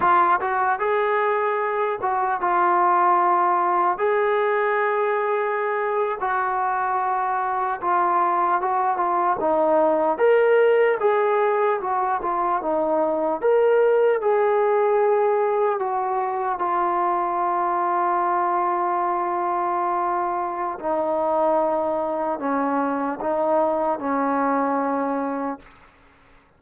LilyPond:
\new Staff \with { instrumentName = "trombone" } { \time 4/4 \tempo 4 = 75 f'8 fis'8 gis'4. fis'8 f'4~ | f'4 gis'2~ gis'8. fis'16~ | fis'4.~ fis'16 f'4 fis'8 f'8 dis'16~ | dis'8. ais'4 gis'4 fis'8 f'8 dis'16~ |
dis'8. ais'4 gis'2 fis'16~ | fis'8. f'2.~ f'16~ | f'2 dis'2 | cis'4 dis'4 cis'2 | }